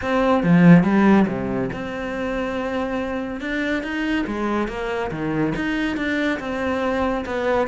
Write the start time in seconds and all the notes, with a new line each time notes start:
0.01 C4
0.43 F3
0.83 G3
1.27 C3
1.72 C4
3.40 D4
3.83 D#4
4.26 G#3
4.68 A#3
5.11 D#3
5.55 D#4
5.96 D4
6.39 C4
7.25 B3